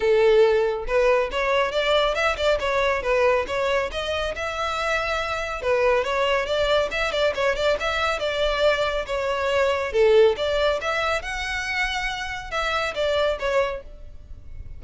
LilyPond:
\new Staff \with { instrumentName = "violin" } { \time 4/4 \tempo 4 = 139 a'2 b'4 cis''4 | d''4 e''8 d''8 cis''4 b'4 | cis''4 dis''4 e''2~ | e''4 b'4 cis''4 d''4 |
e''8 d''8 cis''8 d''8 e''4 d''4~ | d''4 cis''2 a'4 | d''4 e''4 fis''2~ | fis''4 e''4 d''4 cis''4 | }